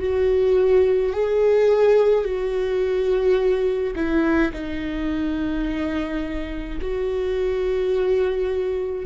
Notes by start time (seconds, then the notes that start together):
0.00 F#4
1.13 G#4
2.24 F#4
3.96 E4
4.53 D#4
6.81 F#4